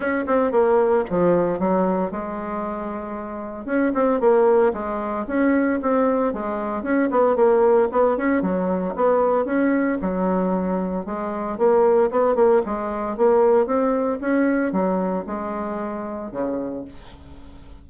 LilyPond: \new Staff \with { instrumentName = "bassoon" } { \time 4/4 \tempo 4 = 114 cis'8 c'8 ais4 f4 fis4 | gis2. cis'8 c'8 | ais4 gis4 cis'4 c'4 | gis4 cis'8 b8 ais4 b8 cis'8 |
fis4 b4 cis'4 fis4~ | fis4 gis4 ais4 b8 ais8 | gis4 ais4 c'4 cis'4 | fis4 gis2 cis4 | }